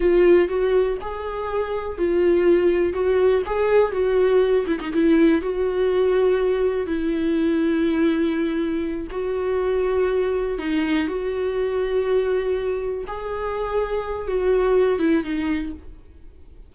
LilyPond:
\new Staff \with { instrumentName = "viola" } { \time 4/4 \tempo 4 = 122 f'4 fis'4 gis'2 | f'2 fis'4 gis'4 | fis'4. e'16 dis'16 e'4 fis'4~ | fis'2 e'2~ |
e'2~ e'8 fis'4.~ | fis'4. dis'4 fis'4.~ | fis'2~ fis'8 gis'4.~ | gis'4 fis'4. e'8 dis'4 | }